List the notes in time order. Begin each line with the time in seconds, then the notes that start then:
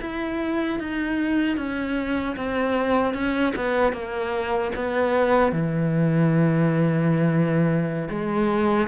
0.00 E4
0.79 D#4
1.56 C#4
2.36 C4
3.13 C#4
3.55 B3
3.92 A#3
4.75 B3
5.52 E3
8.09 G#3